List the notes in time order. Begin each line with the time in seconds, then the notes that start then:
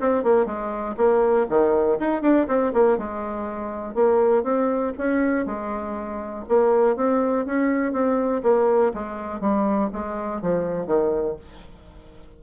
0.00 C4
0.23 A#3
0.46 G#3
0.97 A#3
1.49 D#3
1.99 D#4
2.22 D4
2.47 C4
2.73 A#3
2.98 G#3
3.95 A#3
4.43 C4
4.97 C#4
5.46 G#3
6.48 A#3
6.96 C4
7.46 C#4
7.92 C4
8.43 A#3
8.94 G#3
9.41 G3
9.92 G#3
10.42 F3
10.87 D#3